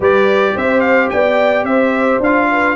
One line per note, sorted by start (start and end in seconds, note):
0.00 0.54 G3
0.00 2.23 G4
0.00 0.54 B4
0.00 0.57 D5
0.55 1.11 C4
0.55 1.12 C5
0.55 0.80 E5
0.80 1.08 F5
1.09 1.63 B3
1.09 1.64 D5
1.09 1.65 G5
1.63 2.18 C4
1.63 2.47 C5
1.63 2.20 E5
2.20 2.75 D4
2.20 2.76 F4
2.20 2.76 F5
2.51 2.76 B4